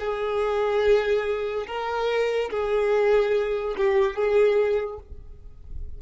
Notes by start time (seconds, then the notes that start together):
0.00 G#4
1.67 A#4
2.51 G#4
3.78 G4
4.16 G#4